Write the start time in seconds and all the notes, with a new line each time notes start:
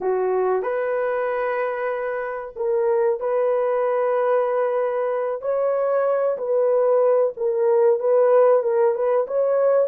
0.01 F#4
0.62 B4
2.56 A#4
3.20 B4
5.41 C#5
6.37 B4
7.36 A#4
7.99 B4
8.63 A#4
8.94 B4
9.27 C#5